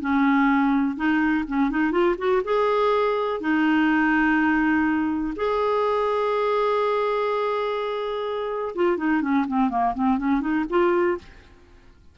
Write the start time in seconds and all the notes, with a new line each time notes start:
0.00 C#4
0.96 D#4
1.47 C#4
1.70 D#4
1.91 F4
2.18 F#4
2.44 G#4
3.40 D#4
5.36 G#4
8.75 F4
8.97 D#4
9.21 C#4
9.47 C4
9.69 A#3
9.94 C4
10.18 C#4
10.40 D#4
10.69 F4